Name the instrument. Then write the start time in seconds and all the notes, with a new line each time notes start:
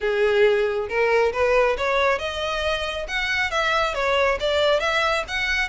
violin
0.00 G#4
0.88 A#4
1.33 B4
1.77 C#5
2.18 D#5
3.08 F#5
3.50 E5
3.94 C#5
4.40 D5
4.80 E5
5.28 F#5